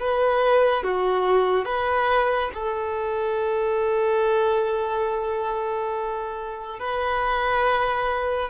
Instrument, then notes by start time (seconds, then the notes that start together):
violin
0.00 B4
0.83 F#4
1.65 B4
2.54 A4
6.79 B4